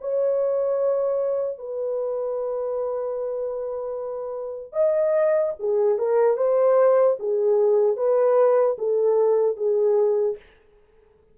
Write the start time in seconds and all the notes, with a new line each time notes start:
0.00 C#5
1.58 B4
4.72 D#5
5.59 G#4
5.98 A#4
6.37 C5
7.19 G#4
7.96 B4
8.78 A4
9.56 G#4